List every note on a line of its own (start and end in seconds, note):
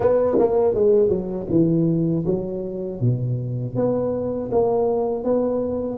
0.00 0.37 B3
0.38 0.74 A#3
0.74 1.09 G#3
1.09 1.46 F#3
1.50 2.25 E3
2.25 3.00 F#3
3.00 3.75 B2
3.75 4.50 B3
4.51 5.24 A#3
5.24 5.98 B3